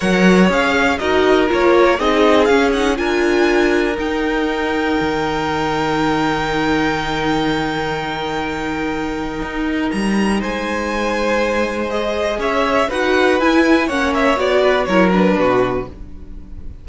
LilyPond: <<
  \new Staff \with { instrumentName = "violin" } { \time 4/4 \tempo 4 = 121 fis''4 f''4 dis''4 cis''4 | dis''4 f''8 fis''8 gis''2 | g''1~ | g''1~ |
g''1 | ais''4 gis''2. | dis''4 e''4 fis''4 gis''4 | fis''8 e''8 d''4 cis''8 b'4. | }
  \new Staff \with { instrumentName = "violin" } { \time 4/4 cis''2 ais'2 | gis'2 ais'2~ | ais'1~ | ais'1~ |
ais'1~ | ais'4 c''2.~ | c''4 cis''4 b'2 | cis''4. b'8 ais'4 fis'4 | }
  \new Staff \with { instrumentName = "viola" } { \time 4/4 ais'4 gis'4 fis'4 f'4 | dis'4 cis'8 dis'8 f'2 | dis'1~ | dis'1~ |
dis'1~ | dis'1 | gis'2 fis'4 e'4 | cis'4 fis'4 e'8 d'4. | }
  \new Staff \with { instrumentName = "cello" } { \time 4/4 fis4 cis'4 dis'4 ais4 | c'4 cis'4 d'2 | dis'2 dis2~ | dis1~ |
dis2. dis'4 | g4 gis2.~ | gis4 cis'4 dis'4 e'4 | ais4 b4 fis4 b,4 | }
>>